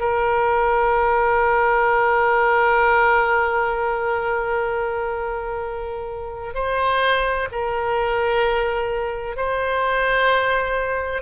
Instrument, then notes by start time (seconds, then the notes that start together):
oboe
0.00 A#4
6.55 C5
7.52 A#4
9.37 C5